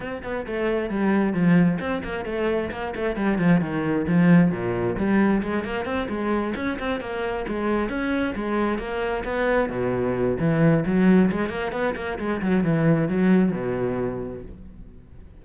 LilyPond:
\new Staff \with { instrumentName = "cello" } { \time 4/4 \tempo 4 = 133 c'8 b8 a4 g4 f4 | c'8 ais8 a4 ais8 a8 g8 f8 | dis4 f4 ais,4 g4 | gis8 ais8 c'8 gis4 cis'8 c'8 ais8~ |
ais8 gis4 cis'4 gis4 ais8~ | ais8 b4 b,4. e4 | fis4 gis8 ais8 b8 ais8 gis8 fis8 | e4 fis4 b,2 | }